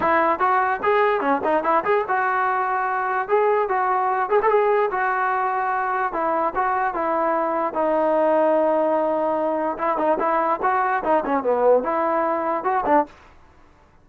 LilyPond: \new Staff \with { instrumentName = "trombone" } { \time 4/4 \tempo 4 = 147 e'4 fis'4 gis'4 cis'8 dis'8 | e'8 gis'8 fis'2. | gis'4 fis'4. gis'16 a'16 gis'4 | fis'2. e'4 |
fis'4 e'2 dis'4~ | dis'1 | e'8 dis'8 e'4 fis'4 dis'8 cis'8 | b4 e'2 fis'8 d'8 | }